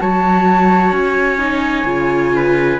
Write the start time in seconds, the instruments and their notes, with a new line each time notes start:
0.00 cello F#3, viola F#4, trumpet C#5, flute A5
0.92 cello C#4, flute G#5
1.39 viola D#4
1.85 cello C#3, viola F4
2.36 trumpet B4